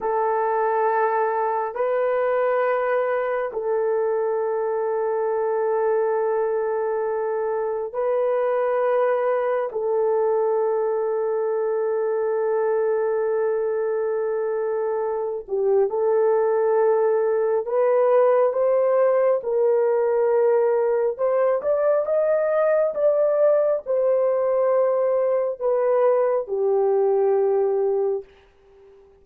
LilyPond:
\new Staff \with { instrumentName = "horn" } { \time 4/4 \tempo 4 = 68 a'2 b'2 | a'1~ | a'4 b'2 a'4~ | a'1~ |
a'4. g'8 a'2 | b'4 c''4 ais'2 | c''8 d''8 dis''4 d''4 c''4~ | c''4 b'4 g'2 | }